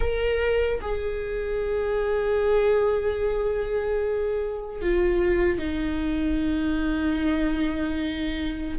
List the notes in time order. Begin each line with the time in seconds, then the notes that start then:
0.00 A#4
0.81 G#4
4.81 F4
5.58 D#4